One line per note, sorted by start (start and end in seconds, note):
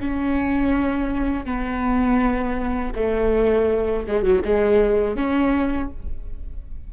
0.00 1.45 C#4
1.45 2.94 B3
2.96 4.07 A3
4.07 4.23 G#3
4.23 4.42 F#3
4.45 5.16 G#3
5.16 5.91 C#4